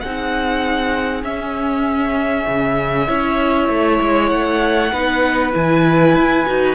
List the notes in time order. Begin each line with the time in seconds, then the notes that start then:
0.00 C4 D#4 G#4 F#5
1.23 C#4 E5
2.47 C#3
3.08 C#4 E4 C#5
3.69 A3
4.00 G#3
4.28 A3 F#5
4.92 B3 D#4 B4
5.52 E3 E4 G#5
6.15 E4
6.46 D#4 F#4